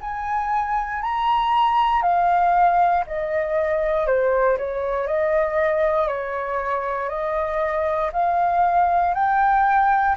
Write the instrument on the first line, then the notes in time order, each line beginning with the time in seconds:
flute
0.00 G#5
1.02 A#5
2.02 F5
3.06 D#5
4.06 C5
4.58 C#5
5.07 D#5
6.07 C#5
7.09 D#5
8.12 F5
9.14 G5